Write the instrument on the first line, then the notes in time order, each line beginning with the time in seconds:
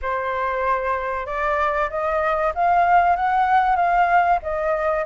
flute
0.01 C5
1.26 D5
1.89 D#5
2.54 F5
3.16 F#5
3.76 F5
4.42 D#5